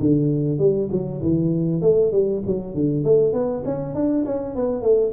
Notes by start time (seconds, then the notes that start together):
0.00 D3
0.58 G3
0.91 F#3
1.22 E3
1.81 A3
2.12 G3
2.46 F#3
2.74 D3
3.04 A3
3.33 B3
3.65 C#4
3.94 D4
4.25 C#4
4.56 B3
4.82 A3